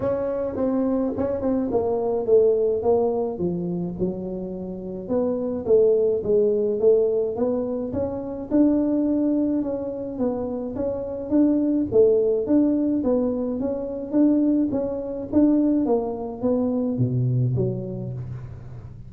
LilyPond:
\new Staff \with { instrumentName = "tuba" } { \time 4/4 \tempo 4 = 106 cis'4 c'4 cis'8 c'8 ais4 | a4 ais4 f4 fis4~ | fis4 b4 a4 gis4 | a4 b4 cis'4 d'4~ |
d'4 cis'4 b4 cis'4 | d'4 a4 d'4 b4 | cis'4 d'4 cis'4 d'4 | ais4 b4 b,4 fis4 | }